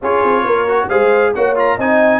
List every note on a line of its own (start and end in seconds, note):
0.01 0.23 C#4
0.01 0.67 F4
0.01 0.44 G#4
0.01 0.88 C#5
0.23 0.44 C4
0.44 0.88 A#3
0.44 0.89 A#4
0.67 0.89 F#4
0.88 1.34 G#3
0.88 1.34 G#4
0.88 1.34 C5
0.88 1.33 F5
1.34 1.78 A#3
1.34 1.56 F#4
1.34 1.76 C#5
1.34 1.57 F#5
1.56 1.78 F4
1.56 1.80 A#5
1.76 2.20 C4
1.76 2.20 D#4
1.76 2.20 D#5
1.76 2.20 G#5